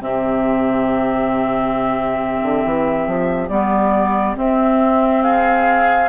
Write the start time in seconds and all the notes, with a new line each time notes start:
0.00 C3 C4 G4 E5
2.42 D3
2.65 E3
3.07 F3
3.49 G3 B3 D5
4.36 C4 E5
5.22 G#4 F5